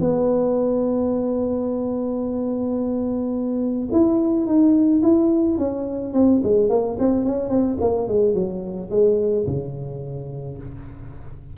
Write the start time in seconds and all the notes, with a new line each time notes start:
0.00 B3
3.92 E4
4.47 D#4
5.03 E4
5.58 C#4
6.14 C4
6.44 G#3
6.70 A#3
6.99 C4
7.26 C#4
7.50 C4
7.81 A#3
8.08 G#3
8.35 F#3
8.91 G#3
9.47 C#3